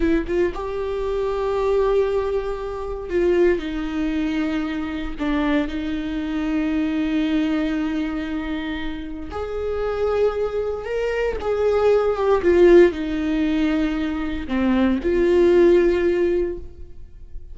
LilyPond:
\new Staff \with { instrumentName = "viola" } { \time 4/4 \tempo 4 = 116 e'8 f'8 g'2.~ | g'2 f'4 dis'4~ | dis'2 d'4 dis'4~ | dis'1~ |
dis'2 gis'2~ | gis'4 ais'4 gis'4. g'8 | f'4 dis'2. | c'4 f'2. | }